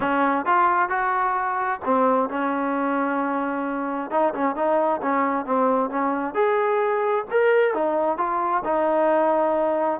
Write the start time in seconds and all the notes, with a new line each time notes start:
0.00 C#4
0.45 F4
0.89 F#4
1.84 C4
2.29 C#4
4.10 D#4
4.34 C#4
4.55 D#4
5.02 C#4
5.45 C4
5.89 C#4
6.34 G#4
7.30 A#4
7.74 D#4
8.17 F4
8.64 D#4